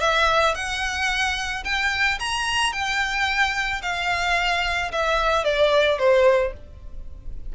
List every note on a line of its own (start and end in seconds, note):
0.00 0.54 E5
0.54 1.63 F#5
1.64 2.18 G5
2.19 2.72 A#5
2.72 3.81 G5
3.82 4.91 F5
4.91 5.44 E5
5.44 5.98 D5
5.98 6.53 C5